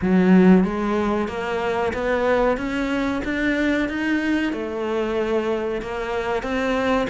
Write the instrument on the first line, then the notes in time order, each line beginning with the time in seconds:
cello
0.01 F#3
0.64 G#3
1.28 A#3
1.93 B3
2.57 C#4
3.24 D4
3.88 D#4
4.52 A3
5.81 A#3
6.43 C4